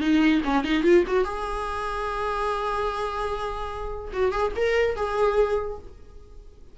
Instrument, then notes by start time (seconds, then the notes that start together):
viola
0.00 D#4
0.44 C#4
0.63 D#4
0.83 F4
1.07 F#4
1.24 G#4
4.12 F#4
4.31 G#4
4.56 A#4
4.96 G#4